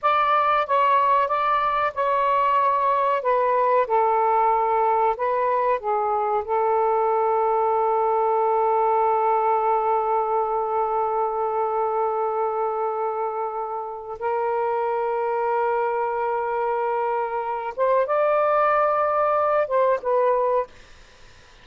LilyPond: \new Staff \with { instrumentName = "saxophone" } { \time 4/4 \tempo 4 = 93 d''4 cis''4 d''4 cis''4~ | cis''4 b'4 a'2 | b'4 gis'4 a'2~ | a'1~ |
a'1~ | a'2 ais'2~ | ais'2.~ ais'8 c''8 | d''2~ d''8 c''8 b'4 | }